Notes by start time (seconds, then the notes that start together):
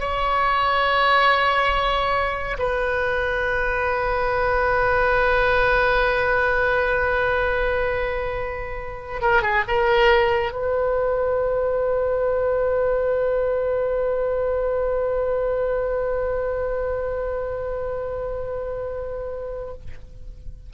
0.00 C#5
2.59 B4
9.21 A#4
9.42 G#4
9.67 A#4
10.52 B4